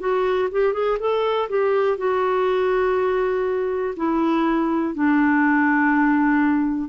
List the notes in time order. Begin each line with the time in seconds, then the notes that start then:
0.00 F#4
0.52 G4
0.74 G#4
1.00 A4
1.50 G4
1.98 F#4
3.97 E4
4.95 D4